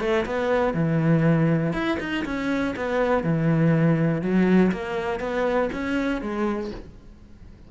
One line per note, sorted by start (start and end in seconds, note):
0.00 0.25 A3
0.26 0.74 B3
0.74 1.73 E3
1.73 1.98 E4
1.99 2.24 D#4
2.25 2.75 C#4
2.76 3.23 B3
3.23 4.21 E3
4.21 4.71 F#3
4.72 5.20 A#3
5.20 5.69 B3
5.72 6.21 C#4
6.21 6.71 G#3